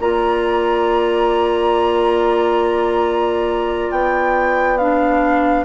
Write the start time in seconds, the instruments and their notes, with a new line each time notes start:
0.00 bassoon A#3, clarinet F4, oboe D5, flute A#5
3.91 bassoon B3, flute G5
4.78 clarinet D4, flute F5